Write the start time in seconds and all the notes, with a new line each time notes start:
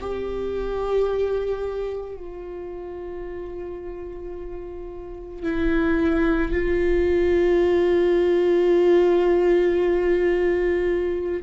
0.00 G4
2.16 F4
5.42 E4
6.52 F4